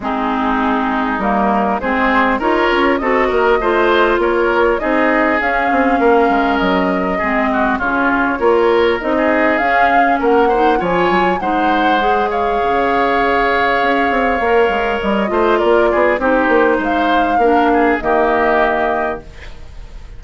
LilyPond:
<<
  \new Staff \with { instrumentName = "flute" } { \time 4/4 \tempo 4 = 100 gis'2 ais'4 c''4 | cis''4 dis''2 cis''4 | dis''4 f''2 dis''4~ | dis''4 cis''2 dis''4 |
f''4 fis''4 gis''4 fis''4~ | fis''8 f''2.~ f''8~ | f''4 dis''4 d''4 c''4 | f''2 dis''2 | }
  \new Staff \with { instrumentName = "oboe" } { \time 4/4 dis'2. gis'4 | ais'4 a'8 ais'8 c''4 ais'4 | gis'2 ais'2 | gis'8 fis'8 f'4 ais'4~ ais'16 gis'8.~ |
gis'4 ais'8 c''8 cis''4 c''4~ | c''8 cis''2.~ cis''8~ | cis''4. c''8 ais'8 gis'8 g'4 | c''4 ais'8 gis'8 g'2 | }
  \new Staff \with { instrumentName = "clarinet" } { \time 4/4 c'2 ais4 c'4 | f'4 fis'4 f'2 | dis'4 cis'2. | c'4 cis'4 f'4 dis'4 |
cis'4. dis'8 f'4 dis'4 | gis'1 | ais'4. f'4. dis'4~ | dis'4 d'4 ais2 | }
  \new Staff \with { instrumentName = "bassoon" } { \time 4/4 gis2 g4 gis4 | dis'8 cis'8 c'8 ais8 a4 ais4 | c'4 cis'8 c'8 ais8 gis8 fis4 | gis4 cis4 ais4 c'4 |
cis'4 ais4 f8 fis8 gis4~ | gis4 cis2 cis'8 c'8 | ais8 gis8 g8 a8 ais8 b8 c'8 ais8 | gis4 ais4 dis2 | }
>>